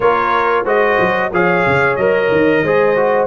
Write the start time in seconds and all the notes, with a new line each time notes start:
0.00 A#3 F4 A#4 C#5
0.64 G#3 F#4 C5 D#5
0.99 F#3
1.32 F3 G#4 C#5 F5
1.66 C#3
1.95 F#3 A#4 D#5
2.31 D#3
2.62 G#3 G#4 C5
2.96 F#4